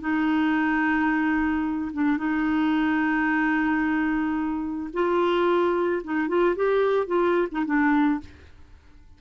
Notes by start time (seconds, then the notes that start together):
0.00 D#4
1.93 D4
2.17 D#4
4.93 F4
6.03 D#4
6.28 F4
6.56 G4
7.06 F4
7.51 D#4
7.65 D4